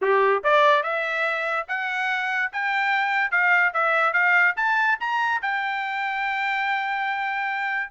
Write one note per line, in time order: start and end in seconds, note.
0.01 0.43 G4
0.43 0.83 D5
0.83 1.66 E5
1.68 2.51 F#5
2.52 3.31 G5
3.31 3.73 F5
3.73 4.13 E5
4.13 4.54 F5
4.56 4.98 A5
5.00 5.41 A#5
5.42 7.90 G5